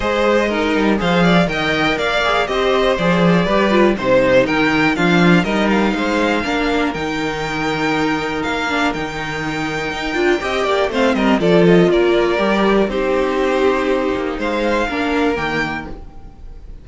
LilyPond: <<
  \new Staff \with { instrumentName = "violin" } { \time 4/4 \tempo 4 = 121 dis''2 f''4 g''4 | f''4 dis''4 d''2 | c''4 g''4 f''4 dis''8 f''8~ | f''2 g''2~ |
g''4 f''4 g''2~ | g''2 f''8 dis''8 d''8 dis''8 | d''2 c''2~ | c''4 f''2 g''4 | }
  \new Staff \with { instrumentName = "violin" } { \time 4/4 c''4 ais'4 c''8 d''8 dis''4 | d''4 c''2 b'4 | c''4 ais'4 f'4 ais'4 | c''4 ais'2.~ |
ais'1~ | ais'4 dis''8 d''8 c''8 ais'8 a'4 | ais'2 g'2~ | g'4 c''4 ais'2 | }
  \new Staff \with { instrumentName = "viola" } { \time 4/4 gis'4 dis'4 gis'4 ais'4~ | ais'8 gis'8 g'4 gis'4 g'8 f'8 | dis'2 d'4 dis'4~ | dis'4 d'4 dis'2~ |
dis'4. d'8 dis'2~ | dis'8 f'8 g'4 c'4 f'4~ | f'4 g'4 dis'2~ | dis'2 d'4 ais4 | }
  \new Staff \with { instrumentName = "cello" } { \time 4/4 gis4. g8 f4 dis4 | ais4 c'4 f4 g4 | c4 dis4 f4 g4 | gis4 ais4 dis2~ |
dis4 ais4 dis2 | dis'8 d'8 c'8 ais8 a8 g8 f4 | ais4 g4 c'2~ | c'8 ais8 gis4 ais4 dis4 | }
>>